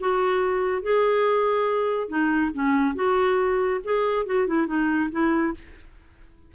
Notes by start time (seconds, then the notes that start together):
0.00 F#4
0.83 G#4
2.09 D#4
2.54 C#4
2.95 F#4
3.84 G#4
4.26 F#4
4.47 E4
4.67 D#4
5.11 E4